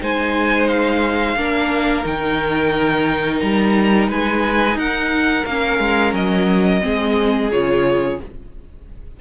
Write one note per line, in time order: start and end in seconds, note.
0.00 1.36 G#3
0.00 1.36 D#4
0.00 1.37 C5
0.00 0.68 G#5
0.68 2.05 F5
1.36 2.04 A#3
1.36 2.03 D4
1.36 4.09 A#4
2.03 3.41 D#3
2.03 5.44 D#4
2.03 3.40 G5
3.40 4.08 G3
3.40 4.08 A#5
4.08 4.75 G#3
4.08 4.77 B4
4.08 4.78 G#5
4.75 5.43 D#4
4.75 6.83 A#4
4.75 5.45 F#5
5.45 5.79 A#3
5.45 6.81 C#4
5.45 6.13 F5
5.79 6.13 G#3
6.13 6.81 F#3
6.13 7.51 D#5
6.81 7.51 G#3
6.81 7.49 C4
6.81 8.21 G#4
7.51 8.19 C#3
7.51 8.20 F4
7.51 8.20 C#5